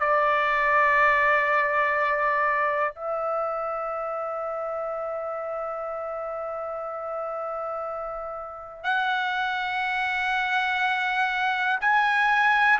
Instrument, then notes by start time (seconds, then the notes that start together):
trumpet
0.00 D5
2.95 E5
8.84 F#5
11.80 G#5